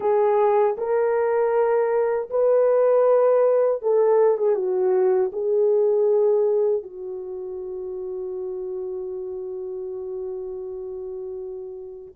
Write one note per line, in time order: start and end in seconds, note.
0.00 0.76 G#4
0.77 2.29 A#4
2.30 3.81 B4
3.81 4.37 A4
4.37 4.55 G#4
4.55 5.31 F#4
5.32 6.83 G#4
6.83 12.14 F#4